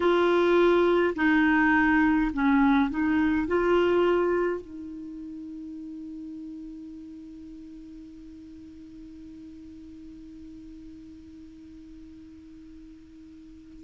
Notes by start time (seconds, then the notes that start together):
0.00 F4
1.15 D#4
2.33 C#4
2.90 D#4
3.47 F4
4.61 D#4